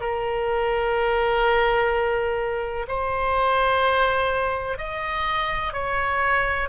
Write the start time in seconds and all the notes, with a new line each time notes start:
0.00 A#4
2.87 C5
4.77 D#5
5.73 C#5